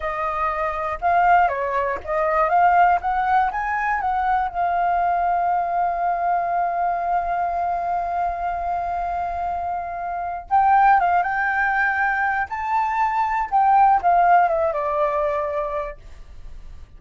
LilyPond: \new Staff \with { instrumentName = "flute" } { \time 4/4 \tempo 4 = 120 dis''2 f''4 cis''4 | dis''4 f''4 fis''4 gis''4 | fis''4 f''2.~ | f''1~ |
f''1~ | f''4 g''4 f''8 g''4.~ | g''4 a''2 g''4 | f''4 e''8 d''2~ d''8 | }